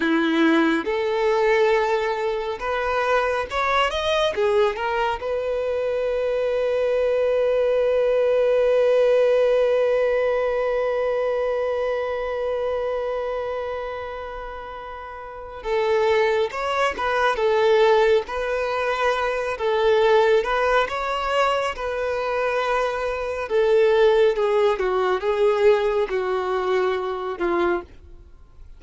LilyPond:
\new Staff \with { instrumentName = "violin" } { \time 4/4 \tempo 4 = 69 e'4 a'2 b'4 | cis''8 dis''8 gis'8 ais'8 b'2~ | b'1~ | b'1~ |
b'2 a'4 cis''8 b'8 | a'4 b'4. a'4 b'8 | cis''4 b'2 a'4 | gis'8 fis'8 gis'4 fis'4. f'8 | }